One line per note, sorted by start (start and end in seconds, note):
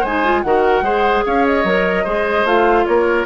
0.00 0.44 G#3
0.00 0.41 C5
0.00 0.42 G#5
0.07 0.24 D#4
0.24 0.45 F4
0.42 0.82 D#3
0.42 0.84 F#4
0.42 0.84 A#4
0.42 1.23 F#5
0.82 1.22 G#3
0.82 1.65 G#4
0.82 1.24 C5
1.26 1.64 C#4
1.26 2.04 C#5
1.26 1.45 F5
1.45 2.47 D#5
1.64 2.05 F#3
1.64 2.05 A#4
2.04 2.44 G#3
2.04 2.46 G#4
2.04 2.85 C5
2.44 2.85 A3
2.44 3.26 F4
2.44 2.86 F5
2.86 3.26 A#3
2.86 3.26 A#4
2.86 3.26 C#5